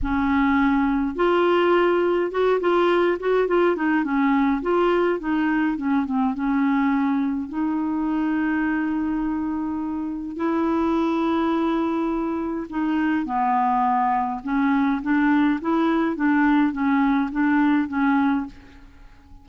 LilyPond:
\new Staff \with { instrumentName = "clarinet" } { \time 4/4 \tempo 4 = 104 cis'2 f'2 | fis'8 f'4 fis'8 f'8 dis'8 cis'4 | f'4 dis'4 cis'8 c'8 cis'4~ | cis'4 dis'2.~ |
dis'2 e'2~ | e'2 dis'4 b4~ | b4 cis'4 d'4 e'4 | d'4 cis'4 d'4 cis'4 | }